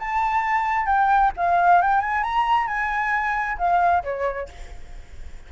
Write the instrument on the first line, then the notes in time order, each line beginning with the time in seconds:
flute
0.00 A5
0.87 G5
1.37 F5
1.82 G5
2.01 G#5
2.24 A#5
2.68 G#5
3.58 F5
4.04 C#5